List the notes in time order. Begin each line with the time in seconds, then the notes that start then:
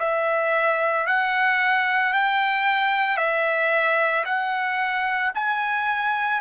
0.00 E5
1.07 F#5
2.13 G5
3.18 E5
4.25 F#5
5.35 G#5